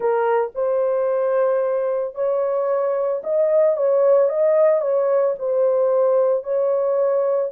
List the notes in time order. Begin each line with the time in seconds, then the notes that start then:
0.00 A#4
0.55 C5
2.15 C#5
3.23 D#5
3.76 C#5
4.29 D#5
4.81 C#5
5.38 C5
6.43 C#5